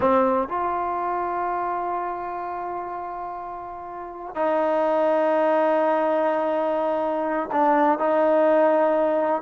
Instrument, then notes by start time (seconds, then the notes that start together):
trombone
0.00 C4
0.48 F4
4.35 D#4
7.51 D4
7.98 D#4